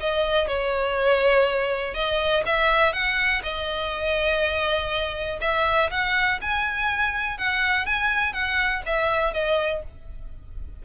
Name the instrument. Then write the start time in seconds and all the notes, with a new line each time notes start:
violin
0.00 D#5
0.48 C#5
1.95 D#5
2.46 E5
2.93 F#5
3.43 D#5
5.41 E5
5.91 F#5
6.42 G#5
7.38 F#5
7.86 G#5
8.34 F#5
8.86 E5
9.34 D#5